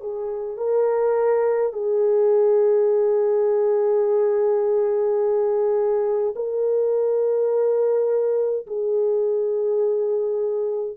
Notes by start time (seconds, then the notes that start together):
0.00 G#4
0.57 A#4
1.73 G#4
6.35 A#4
8.66 G#4